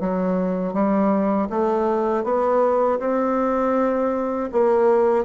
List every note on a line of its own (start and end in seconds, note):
0.00 0.73 F#3
0.73 1.48 G3
1.50 2.24 A3
2.24 2.99 B3
3.00 4.50 C4
4.52 5.25 A#3